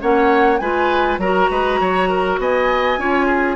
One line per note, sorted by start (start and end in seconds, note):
0.00 0.61 A#3
0.00 0.59 C#4
0.00 0.61 C#5
0.00 0.58 F#5
0.58 1.18 G#3
0.58 1.20 F4
0.58 1.20 B4
0.58 1.17 G#5
1.18 1.48 F#3
1.18 3.00 F#4
1.18 1.50 A#4
1.18 2.39 A#5
1.50 1.80 G#3
1.50 1.80 B4
1.80 2.39 F#3
1.80 2.10 C#5
2.10 2.39 A#4
2.39 2.98 B3
2.39 3.00 D#5
2.39 3.56 G#5
2.98 3.56 C#4
2.98 3.56 F4
2.98 3.26 C#5
3.26 3.56 G#4